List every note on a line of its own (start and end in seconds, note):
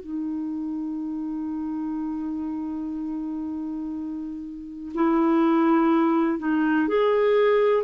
0.00 4.92 D#4
4.94 6.38 E4
6.38 6.87 D#4
6.87 7.83 G#4